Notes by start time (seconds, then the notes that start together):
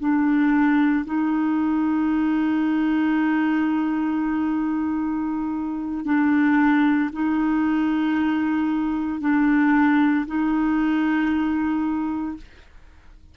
0.00 D4
1.06 D#4
6.05 D4
7.13 D#4
9.21 D4
10.27 D#4